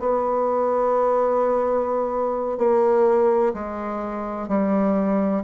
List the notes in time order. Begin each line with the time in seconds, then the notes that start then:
0.00 B3
2.58 A#3
3.54 G#3
4.48 G3